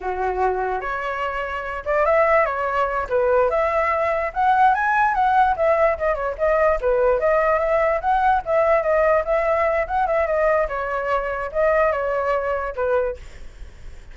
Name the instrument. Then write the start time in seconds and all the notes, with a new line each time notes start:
flute
0.01 F#4
0.80 C#5
1.85 D5
2.05 E5
2.45 C#5
3.09 B4
3.50 E5
4.33 F#5
4.74 G#5
5.14 F#5
5.56 E5
5.98 D#5
6.14 C#5
6.37 D#5
6.80 B4
7.19 D#5
7.59 E5
8.01 F#5
8.45 E5
8.82 D#5
9.25 E5
9.87 F#5
10.06 E5
10.26 D#5
10.68 C#5
11.51 D#5
11.92 C#5
12.75 B4